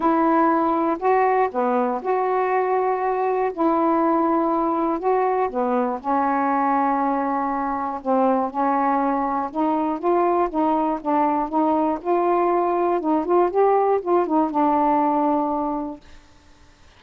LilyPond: \new Staff \with { instrumentName = "saxophone" } { \time 4/4 \tempo 4 = 120 e'2 fis'4 b4 | fis'2. e'4~ | e'2 fis'4 b4 | cis'1 |
c'4 cis'2 dis'4 | f'4 dis'4 d'4 dis'4 | f'2 dis'8 f'8 g'4 | f'8 dis'8 d'2. | }